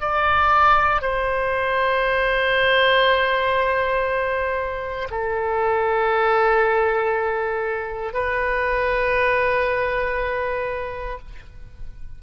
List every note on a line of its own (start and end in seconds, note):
0.00 1.02 D5
1.02 5.08 C5
5.11 8.13 A4
8.13 11.18 B4